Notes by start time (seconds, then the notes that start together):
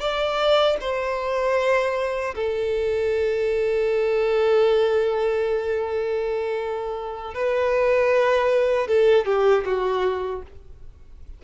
0.00 D5
0.80 C5
2.35 A4
7.34 B4
8.87 A4
9.25 G4
9.65 F#4